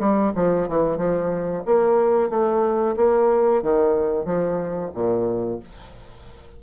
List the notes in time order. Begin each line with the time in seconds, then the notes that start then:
0.00 G3
0.36 F3
0.69 E3
0.97 F3
1.66 A#3
2.30 A3
2.97 A#3
3.63 D#3
4.26 F3
4.94 A#2